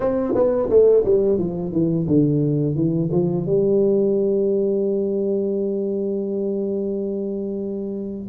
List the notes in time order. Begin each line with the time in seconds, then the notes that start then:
0.00 C4
0.34 B3
0.69 A3
1.04 G3
1.38 F3
1.72 E3
2.07 D3
2.75 E3
3.11 F3
3.45 G3